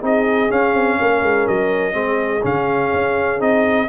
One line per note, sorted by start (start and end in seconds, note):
0.00 0.50 C4
0.00 0.48 D#4
0.00 0.97 G#4
0.00 0.51 D#5
0.48 1.92 C#4
0.48 0.74 C#4
0.48 1.47 F5
0.74 0.98 C4
0.98 1.22 A#3
0.98 1.95 A#4
1.22 1.46 G#3
1.47 1.94 F#3
1.47 2.44 D#5
1.92 2.42 G#3
1.92 2.40 C4
1.92 3.88 G#4
2.42 2.92 C#3
2.42 3.39 C#4
2.42 3.41 F5
2.93 3.40 C#4
3.39 3.88 C4
3.39 3.87 D#4
3.39 3.88 D#5